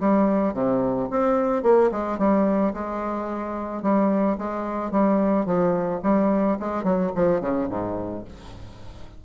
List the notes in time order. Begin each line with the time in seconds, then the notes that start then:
0.00 G3
0.54 C3
1.10 C4
1.63 A#3
1.92 G#3
2.18 G3
2.73 G#3
3.82 G3
4.38 G#3
4.91 G3
5.45 F3
6.03 G3
6.59 G#3
6.83 F#3
7.15 F3
7.40 C#3
7.69 G#2